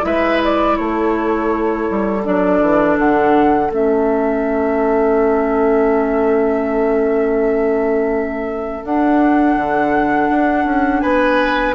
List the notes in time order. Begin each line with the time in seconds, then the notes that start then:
0.00 G#3 E4 B4 E5
0.44 D5
0.76 A3 A4 C#5
1.90 G3
2.24 F#3 D4 D5
2.60 E3
2.97 D3 F#5
3.70 A3 C#4 E5
8.83 D4 F#5
9.56 D3
10.30 D4
10.64 C#4
11.00 B3 B4 G#5